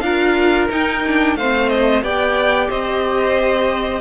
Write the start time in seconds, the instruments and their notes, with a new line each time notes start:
0.00 cello D4, viola F4, violin A#4 F5
0.69 viola D#4, cello D#4, violin G5
1.06 viola D4
1.35 cello A3, viola C4, violin C5 F5
1.69 violin D#5
2.02 cello B3, viola G4, violin D5 G5
2.70 cello C4, violin C5 D#5